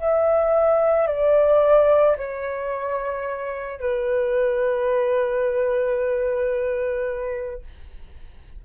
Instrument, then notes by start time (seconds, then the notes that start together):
flute
0.00 E5
1.08 D5
2.18 C#5
3.80 B4